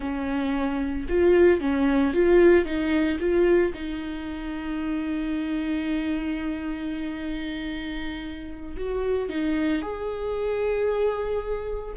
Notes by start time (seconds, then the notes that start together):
0.00 C#4
1.08 F4
1.60 C#4
2.13 F4
2.65 D#4
3.20 F4
3.73 D#4
8.76 F#4
9.29 D#4
9.82 G#4